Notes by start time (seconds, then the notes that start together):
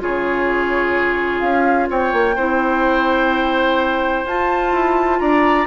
0.00 C#3 F4 G#4 C#5
1.40 C#4 F5
1.90 C4 C#5 G5
2.13 A#3
2.36 C4 E4 C5
4.26 F4 A5
4.73 E4
5.20 D4 D5 A#5